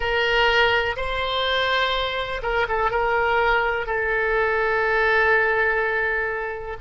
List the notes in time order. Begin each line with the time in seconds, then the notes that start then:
0.00 A#4
0.96 C5
2.42 A#4
2.68 A4
2.90 A#4
3.86 A4